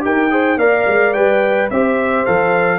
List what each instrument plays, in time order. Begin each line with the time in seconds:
0.00 tuba D#4, trombone G4, horn A#4, trumpet G5
0.30 trombone G#4, horn C5
0.57 tuba A#3, trombone A#4, horn D5, trumpet F5
0.87 tuba G#3
1.13 tuba G3, trombone B4, trumpet G5
1.70 tuba C4, trombone G4, horn C5, trumpet E5
2.25 tuba F3, trombone A4, trumpet F5